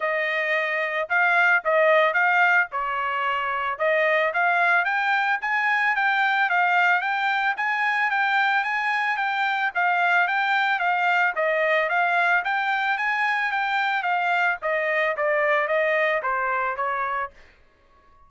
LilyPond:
\new Staff \with { instrumentName = "trumpet" } { \time 4/4 \tempo 4 = 111 dis''2 f''4 dis''4 | f''4 cis''2 dis''4 | f''4 g''4 gis''4 g''4 | f''4 g''4 gis''4 g''4 |
gis''4 g''4 f''4 g''4 | f''4 dis''4 f''4 g''4 | gis''4 g''4 f''4 dis''4 | d''4 dis''4 c''4 cis''4 | }